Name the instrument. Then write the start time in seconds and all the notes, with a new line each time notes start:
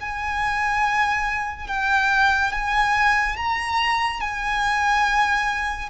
violin
0.00 G#5
1.67 G5
2.52 G#5
3.36 A#5
4.20 G#5